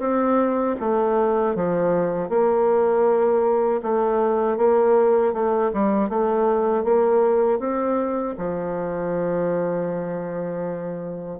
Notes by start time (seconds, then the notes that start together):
0.00 C4
0.80 A3
1.55 F3
2.30 A#3
3.83 A3
4.58 A#3
5.34 A3
5.73 G3
6.09 A3
6.85 A#3
7.60 C4
8.38 F3